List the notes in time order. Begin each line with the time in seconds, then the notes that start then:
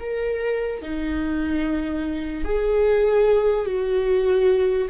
0.00 A#4
0.82 D#4
2.44 G#4
3.65 F#4